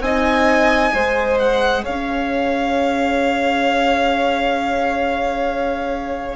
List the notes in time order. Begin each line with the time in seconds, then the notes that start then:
0.00 C4 D#4 D#5 G#5
0.93 G#3 G#4 C5
1.38 F#5
1.83 C#4 C#5 F5